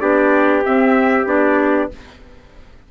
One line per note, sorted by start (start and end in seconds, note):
0.00 0.64 B3
0.00 0.63 D4
0.00 1.91 G4
0.00 0.63 D5
0.65 1.26 C4
0.65 1.28 E5
1.26 1.89 B3
1.26 1.89 D4
1.26 1.91 D5